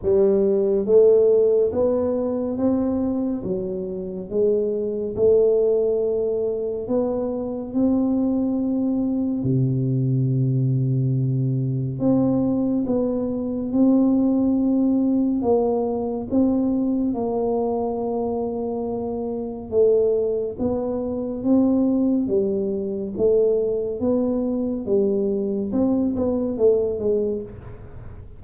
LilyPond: \new Staff \with { instrumentName = "tuba" } { \time 4/4 \tempo 4 = 70 g4 a4 b4 c'4 | fis4 gis4 a2 | b4 c'2 c4~ | c2 c'4 b4 |
c'2 ais4 c'4 | ais2. a4 | b4 c'4 g4 a4 | b4 g4 c'8 b8 a8 gis8 | }